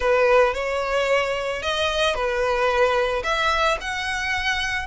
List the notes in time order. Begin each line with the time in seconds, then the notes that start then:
0.00 B4
0.54 C#5
1.62 D#5
2.14 B4
3.23 E5
3.80 F#5